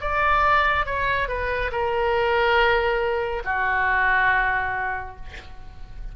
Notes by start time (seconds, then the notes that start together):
0.00 D5
0.85 C#5
1.28 B4
1.71 A#4
3.44 F#4